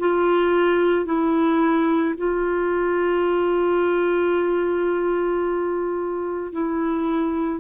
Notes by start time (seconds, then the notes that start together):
0.00 F4
1.06 E4
2.18 F4
6.53 E4